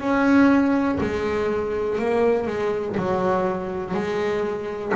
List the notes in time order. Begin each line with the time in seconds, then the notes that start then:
0.00 C#4
1.00 G#3
1.99 A#3
2.47 G#3
2.97 F#3
3.94 G#3